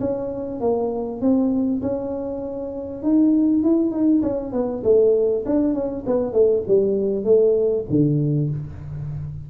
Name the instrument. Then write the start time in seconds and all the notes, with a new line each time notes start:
tuba
0.00 C#4
0.60 A#3
1.21 C4
1.82 C#4
3.03 D#4
3.63 E4
3.91 D#4
4.22 C#4
4.52 B3
4.83 A3
5.45 D4
5.74 C#4
6.06 B3
6.33 A3
6.67 G3
7.24 A3
7.89 D3